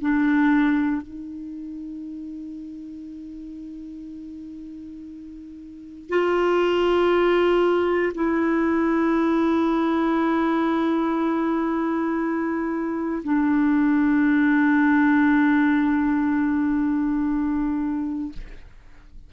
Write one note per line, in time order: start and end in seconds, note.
0.00 1.01 D4
1.01 6.09 D#4
6.09 8.12 F4
8.14 13.22 E4
13.23 18.32 D4